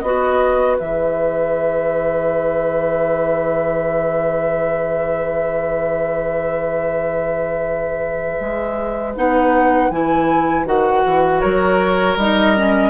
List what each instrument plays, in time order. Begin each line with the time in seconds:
0.00 bassoon B3, clarinet F#4, oboe B4, flute D#5
0.79 bassoon E3, clarinet G#4, flute E5
8.40 bassoon G#3
9.15 bassoon B3, clarinet D#4, flute F#5
9.90 bassoon E3, clarinet E4, flute G#5
10.65 bassoon D#3, clarinet F#4, flute F#5
11.05 bassoon E3
11.40 bassoon F#3, oboe A#4, flute C#5
12.16 bassoon G3, clarinet D#4, flute D#5
12.56 clarinet C#4